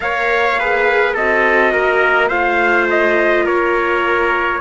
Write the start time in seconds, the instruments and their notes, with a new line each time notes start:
0.00 cello A#3, viola A#4, trumpet C#5 F5
0.59 viola G#4, trumpet B4
1.14 cello C4, viola F#4, trumpet A4 D#5
1.72 cello A#3, trumpet A#4
2.28 cello A3, viola F4, trumpet C5 F5
2.89 trumpet D#5
3.44 cello A#3, trumpet A#4 C#5